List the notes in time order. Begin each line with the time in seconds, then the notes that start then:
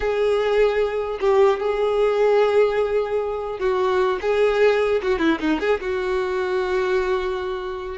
0.00 G#4
1.20 G4
1.59 G#4
3.59 F#4
4.21 G#4
5.02 F#4
5.18 E4
5.39 D#4
5.60 G#4
5.80 F#4